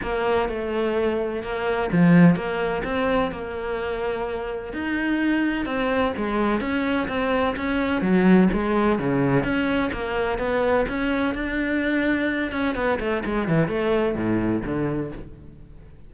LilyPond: \new Staff \with { instrumentName = "cello" } { \time 4/4 \tempo 4 = 127 ais4 a2 ais4 | f4 ais4 c'4 ais4~ | ais2 dis'2 | c'4 gis4 cis'4 c'4 |
cis'4 fis4 gis4 cis4 | cis'4 ais4 b4 cis'4 | d'2~ d'8 cis'8 b8 a8 | gis8 e8 a4 a,4 d4 | }